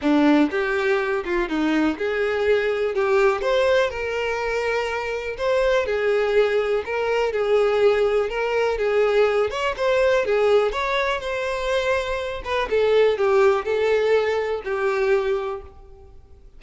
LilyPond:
\new Staff \with { instrumentName = "violin" } { \time 4/4 \tempo 4 = 123 d'4 g'4. f'8 dis'4 | gis'2 g'4 c''4 | ais'2. c''4 | gis'2 ais'4 gis'4~ |
gis'4 ais'4 gis'4. cis''8 | c''4 gis'4 cis''4 c''4~ | c''4. b'8 a'4 g'4 | a'2 g'2 | }